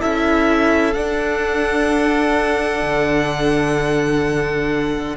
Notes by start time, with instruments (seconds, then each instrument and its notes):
0.00 cello C#4, viola E4, violin A4 E5
0.94 cello D4, viola D4, violin F#5
2.82 cello D3